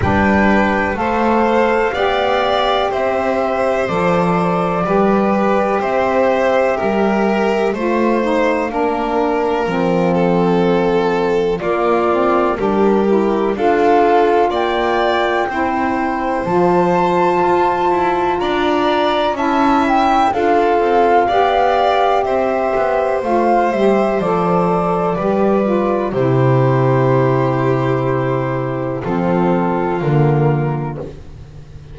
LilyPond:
<<
  \new Staff \with { instrumentName = "flute" } { \time 4/4 \tempo 4 = 62 g''4 f''2 e''4 | d''2 e''2 | f''1 | d''4 ais'4 f''4 g''4~ |
g''4 a''2 ais''4 | a''8 g''8 f''2 e''4 | f''8 e''8 d''2 c''4~ | c''2 a'4 ais'4 | }
  \new Staff \with { instrumentName = "violin" } { \time 4/4 b'4 c''4 d''4 c''4~ | c''4 b'4 c''4 ais'4 | c''4 ais'4. a'4. | f'4 g'4 a'4 d''4 |
c''2. d''4 | e''4 a'4 d''4 c''4~ | c''2 b'4 g'4~ | g'2 f'2 | }
  \new Staff \with { instrumentName = "saxophone" } { \time 4/4 d'4 a'4 g'2 | a'4 g'2. | f'8 dis'8 d'4 c'2 | ais8 c'8 d'8 e'8 f'2 |
e'4 f'2. | e'4 f'4 g'2 | f'8 g'8 a'4 g'8 f'8 e'4~ | e'2 c'4 ais4 | }
  \new Staff \with { instrumentName = "double bass" } { \time 4/4 g4 a4 b4 c'4 | f4 g4 c'4 g4 | a4 ais4 f2 | ais4 g4 d'4 ais4 |
c'4 f4 f'8 e'8 d'4 | cis'4 d'8 c'8 b4 c'8 b8 | a8 g8 f4 g4 c4~ | c2 f4 d4 | }
>>